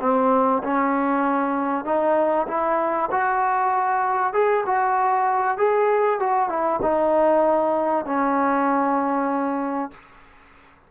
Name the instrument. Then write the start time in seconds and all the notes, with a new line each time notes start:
trombone
0.00 C4
0.63 C#4
1.84 D#4
2.47 E4
3.11 F#4
4.33 G#4
4.66 F#4
5.57 G#4
6.19 F#4
6.49 E4
6.82 D#4
8.05 C#4